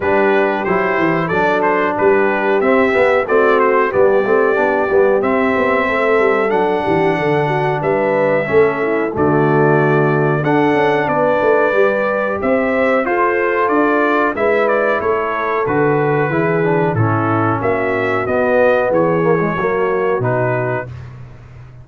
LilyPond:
<<
  \new Staff \with { instrumentName = "trumpet" } { \time 4/4 \tempo 4 = 92 b'4 c''4 d''8 c''8 b'4 | e''4 d''8 c''8 d''2 | e''2 fis''2 | e''2 d''2 |
fis''4 d''2 e''4 | c''4 d''4 e''8 d''8 cis''4 | b'2 a'4 e''4 | dis''4 cis''2 b'4 | }
  \new Staff \with { instrumentName = "horn" } { \time 4/4 g'2 a'4 g'4~ | g'4 fis'4 g'2~ | g'4 a'4. g'8 a'8 fis'8 | b'4 a'8 e'8 fis'2 |
a'4 b'2 c''4 | a'2 b'4 a'4~ | a'4 gis'4 e'4 fis'4~ | fis'4 gis'4 fis'2 | }
  \new Staff \with { instrumentName = "trombone" } { \time 4/4 d'4 e'4 d'2 | c'8 b8 c'4 b8 c'8 d'8 b8 | c'2 d'2~ | d'4 cis'4 a2 |
d'2 g'2 | f'2 e'2 | fis'4 e'8 d'8 cis'2 | b4. ais16 gis16 ais4 dis'4 | }
  \new Staff \with { instrumentName = "tuba" } { \time 4/4 g4 fis8 e8 fis4 g4 | c'8 b8 a4 g8 a8 b8 g8 | c'8 b8 a8 g8 fis8 e8 d4 | g4 a4 d2 |
d'8 cis'8 b8 a8 g4 c'4 | f'4 d'4 gis4 a4 | d4 e4 a,4 ais4 | b4 e4 fis4 b,4 | }
>>